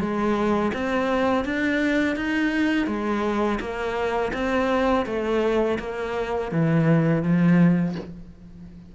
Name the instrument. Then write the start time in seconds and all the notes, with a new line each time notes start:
cello
0.00 G#3
0.74 C4
1.45 D4
2.16 D#4
2.87 G#3
3.60 A#3
4.33 C4
5.06 A3
5.79 A#3
6.52 E3
7.23 F3